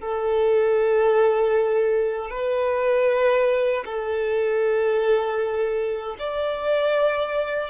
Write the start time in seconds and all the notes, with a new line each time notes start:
0.00 A4
2.30 B4
3.85 A4
6.19 D5